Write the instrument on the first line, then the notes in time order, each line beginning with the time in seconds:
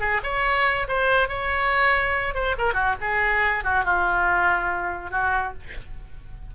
oboe
0.00 G#4
0.24 C#5
0.88 C5
1.28 C#5
2.35 C5
2.58 A#4
2.74 F#4
3.01 G#4
3.64 F#4
3.85 F4
5.11 F#4